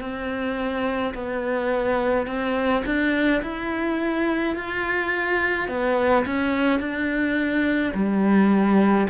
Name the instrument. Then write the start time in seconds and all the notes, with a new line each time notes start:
cello
0.00 C4
1.14 B3
2.26 C4
2.85 D4
3.42 E4
4.55 F4
5.68 B3
6.25 C#4
6.80 D4
7.94 G3